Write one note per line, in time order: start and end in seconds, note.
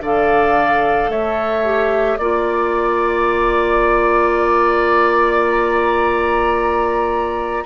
0.00 1.08 D3
0.00 1.64 A4
0.00 1.10 D5
0.00 1.10 F5
1.08 2.17 A3
1.08 2.18 C#5
1.08 2.17 E5
1.64 2.18 G4
2.17 7.63 A#3
2.17 7.65 F4
2.17 5.44 D5
2.17 7.64 D5
5.49 7.65 A#5